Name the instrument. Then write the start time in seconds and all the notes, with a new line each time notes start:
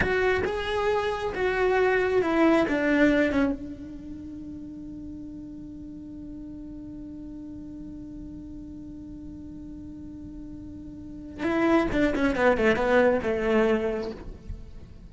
cello
0.00 F#4
0.45 G#4
1.34 F#4
2.22 E4
2.68 D4
3.32 C#4
3.52 D4
11.43 E4
11.92 D4
12.15 C#4
12.35 B3
12.57 A3
12.76 B3
13.22 A3